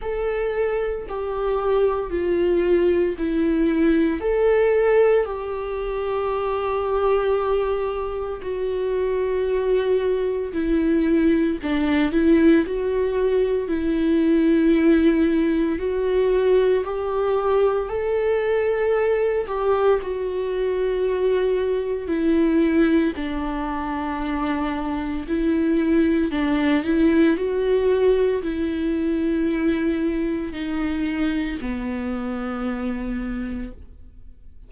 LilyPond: \new Staff \with { instrumentName = "viola" } { \time 4/4 \tempo 4 = 57 a'4 g'4 f'4 e'4 | a'4 g'2. | fis'2 e'4 d'8 e'8 | fis'4 e'2 fis'4 |
g'4 a'4. g'8 fis'4~ | fis'4 e'4 d'2 | e'4 d'8 e'8 fis'4 e'4~ | e'4 dis'4 b2 | }